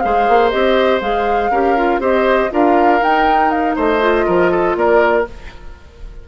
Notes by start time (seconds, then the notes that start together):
0.00 G#3 G#4 C5 F5
0.29 A#3
0.51 C4 G4 D#5
1.01 G#3 G#4 F5
1.51 C#4 G4 A#4
1.77 F4
1.99 C4 G4 C5 D#5
2.51 D4 F4 A#4 F5
3.01 D#4 G5
3.51 F5
3.76 A3 C5 D#5
4.00 F4
4.27 F3 A#4
4.52 A4
4.76 A#3 A#4 D5